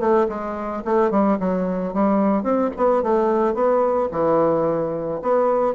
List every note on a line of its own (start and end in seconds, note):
0.00 0.27 A3
0.29 0.84 G#3
0.85 1.11 A3
1.11 1.38 G3
1.40 1.94 F#3
1.94 2.44 G3
2.44 2.71 C4
2.77 3.03 B3
3.03 3.55 A3
3.55 4.09 B3
4.12 5.21 E3
5.23 5.75 B3